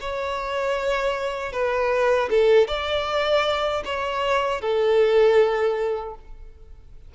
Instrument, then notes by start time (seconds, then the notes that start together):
violin
0.00 C#5
1.52 B4
2.30 A4
2.67 D5
3.85 C#5
4.61 A4